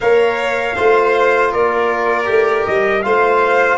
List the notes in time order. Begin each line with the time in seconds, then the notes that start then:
0.00 A#3 A#4 C#5 F5
0.75 A3 F4 C5
1.51 A#3 A#4 D5
2.25 A3 G4
2.65 G3 D#5
3.02 A3 F4 C5 F5